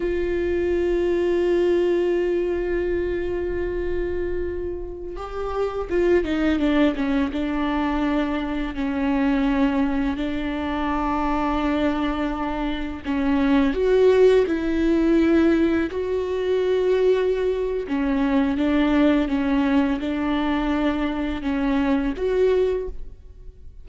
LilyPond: \new Staff \with { instrumentName = "viola" } { \time 4/4 \tempo 4 = 84 f'1~ | f'2.~ f'16 g'8.~ | g'16 f'8 dis'8 d'8 cis'8 d'4.~ d'16~ | d'16 cis'2 d'4.~ d'16~ |
d'2~ d'16 cis'4 fis'8.~ | fis'16 e'2 fis'4.~ fis'16~ | fis'4 cis'4 d'4 cis'4 | d'2 cis'4 fis'4 | }